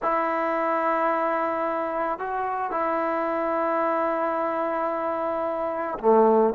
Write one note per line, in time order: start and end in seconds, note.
0.02 2.18 E4
2.18 2.70 F#4
2.70 5.98 E4
5.99 6.53 A3